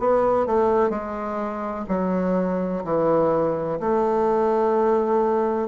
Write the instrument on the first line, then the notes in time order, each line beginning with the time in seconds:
bassoon
0.00 B3
0.47 A3
0.90 G#3
1.89 F#3
2.85 E3
3.80 A3